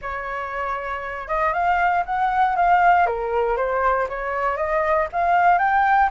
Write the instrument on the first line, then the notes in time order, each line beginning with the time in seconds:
flute
0.01 C#5
1.28 D#5
1.53 F5
2.05 F#5
2.55 F5
3.06 A#4
3.56 C5
4.09 C#5
4.56 D#5
5.12 F5
5.58 G5